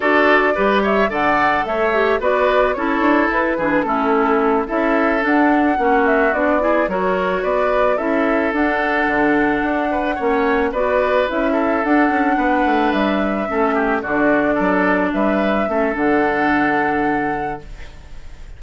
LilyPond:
<<
  \new Staff \with { instrumentName = "flute" } { \time 4/4 \tempo 4 = 109 d''4. e''8 fis''4 e''4 | d''4 cis''4 b'4 a'4~ | a'8 e''4 fis''4. e''8 d''8~ | d''8 cis''4 d''4 e''4 fis''8~ |
fis''2.~ fis''8 d''8~ | d''8 e''4 fis''2 e''8~ | e''4. d''2 e''8~ | e''4 fis''2. | }
  \new Staff \with { instrumentName = "oboe" } { \time 4/4 a'4 b'8 cis''8 d''4 cis''4 | b'4 a'4. gis'8 e'4~ | e'8 a'2 fis'4. | gis'8 ais'4 b'4 a'4.~ |
a'2 b'8 cis''4 b'8~ | b'4 a'4. b'4.~ | b'8 a'8 g'8 fis'4 a'4 b'8~ | b'8 a'2.~ a'8 | }
  \new Staff \with { instrumentName = "clarinet" } { \time 4/4 fis'4 g'4 a'4. g'8 | fis'4 e'4. d'8 cis'4~ | cis'8 e'4 d'4 cis'4 d'8 | e'8 fis'2 e'4 d'8~ |
d'2~ d'8 cis'4 fis'8~ | fis'8 e'4 d'2~ d'8~ | d'8 cis'4 d'2~ d'8~ | d'8 cis'8 d'2. | }
  \new Staff \with { instrumentName = "bassoon" } { \time 4/4 d'4 g4 d4 a4 | b4 cis'8 d'8 e'8 e8 a4~ | a8 cis'4 d'4 ais4 b8~ | b8 fis4 b4 cis'4 d'8~ |
d'8 d4 d'4 ais4 b8~ | b8 cis'4 d'8 cis'8 b8 a8 g8~ | g8 a4 d4 fis4 g8~ | g8 a8 d2. | }
>>